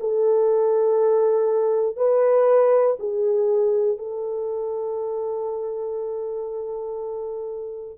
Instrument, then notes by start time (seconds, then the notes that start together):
horn
0.00 A4
1.96 B4
2.99 G#4
3.98 A4